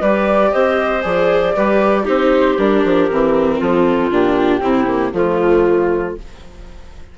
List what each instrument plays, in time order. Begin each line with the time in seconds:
0.00 bassoon G3, viola G4, clarinet B4, flute D5
0.51 bassoon C4, clarinet C5, flute D#5
1.03 bassoon F3, viola G#4, flute D5
1.55 bassoon G3, viola G4, clarinet B4
2.03 bassoon C4, viola D#4, clarinet G4, flute C5
2.58 bassoon G3, viola D4, flute A#4
2.84 bassoon F3
3.10 bassoon E3, viola C4
3.58 bassoon F3, clarinet F4, flute A4
4.10 bassoon A#2, viola D4, flute G4
4.60 bassoon C3, viola C4, clarinet E4
4.87 viola A#3
5.12 bassoon F3, viola A3, flute F4, clarinet F4